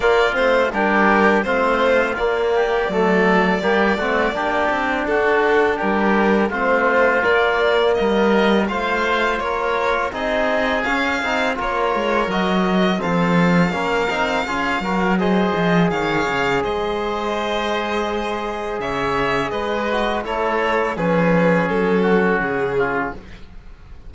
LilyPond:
<<
  \new Staff \with { instrumentName = "violin" } { \time 4/4 \tempo 4 = 83 d''8 c''8 ais'4 c''4 d''4~ | d''2. a'4 | ais'4 c''4 d''4 dis''4 | f''4 cis''4 dis''4 f''4 |
cis''4 dis''4 f''2~ | f''4 dis''4 f''4 dis''4~ | dis''2 e''4 dis''4 | cis''4 b'4 a'4 gis'4 | }
  \new Staff \with { instrumentName = "oboe" } { \time 4/4 f'4 g'4 f'4. g'8 | a'4 g'8 fis'8 g'4 fis'4 | g'4 f'2 ais'4 | c''4 ais'4 gis'2 |
ais'2 a'4 ais'4 | gis'8 ais'8 c''4 cis''4 c''4~ | c''2 cis''4 b'4 | a'4 gis'4. fis'4 f'8 | }
  \new Staff \with { instrumentName = "trombone" } { \time 4/4 ais8 c'8 d'4 c'4 ais4 | a4 ais8 c'8 d'2~ | d'4 c'4 ais2 | f'2 dis'4 cis'8 dis'8 |
f'4 fis'4 c'4 cis'8 dis'8 | f'8 fis'8 gis'2.~ | gis'2.~ gis'8 fis'8 | e'4 cis'2. | }
  \new Staff \with { instrumentName = "cello" } { \time 4/4 ais8 a8 g4 a4 ais4 | fis4 g8 a8 ais8 c'8 d'4 | g4 a4 ais4 g4 | a4 ais4 c'4 cis'8 c'8 |
ais8 gis8 fis4 f4 ais8 c'8 | cis'8 fis4 f8 dis8 cis8 gis4~ | gis2 cis4 gis4 | a4 f4 fis4 cis4 | }
>>